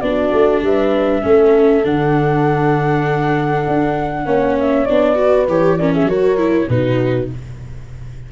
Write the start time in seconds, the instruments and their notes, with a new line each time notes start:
0.00 tuba B3, viola D4, horn F#4, flute D5
0.32 tuba A3
0.62 tuba G3, horn B4, flute E5
1.21 tuba A3, viola C#4, horn A4
1.84 tuba D3, viola D4, flute F#5
3.67 tuba D4
4.25 tuba A#3, viola C#4, horn C#5
4.59 flute E5
4.85 tuba B3, viola D4, flute D5
5.15 viola F#4, horn B4
5.47 tuba E3, viola G4, flute C#5
5.77 viola C#4, horn A#4, flute D5
5.93 horn G#4, flute E5
6.04 tuba F#3, viola F#4, horn A#4, flute C#5
6.37 viola E4
6.69 tuba B2, viola D#4, horn F#4, flute B4